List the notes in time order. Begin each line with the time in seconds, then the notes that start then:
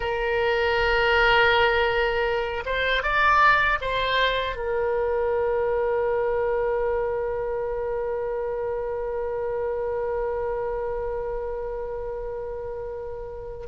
0.00 A#4
2.65 C5
3.02 D5
3.81 C5
4.56 A#4